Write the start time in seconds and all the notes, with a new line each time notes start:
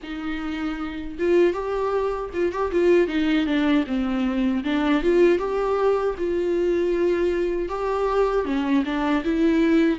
0.02 D#4
1.19 F4
1.53 G4
2.33 F4
2.52 G4
2.71 F4
3.07 D#4
3.46 D4
3.86 C4
4.64 D4
5.02 F4
5.38 G4
6.18 F4
7.69 G4
8.45 C#4
8.85 D4
9.24 E4